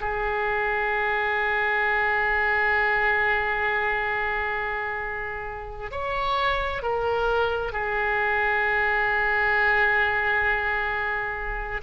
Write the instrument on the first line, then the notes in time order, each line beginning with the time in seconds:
oboe
0.00 G#4
5.91 C#5
6.82 A#4
7.72 G#4